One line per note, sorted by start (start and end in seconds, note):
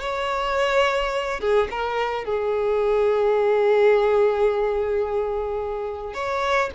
0.00 1.40 C#5
1.40 1.68 G#4
1.71 2.24 A#4
2.24 6.14 G#4
6.14 6.70 C#5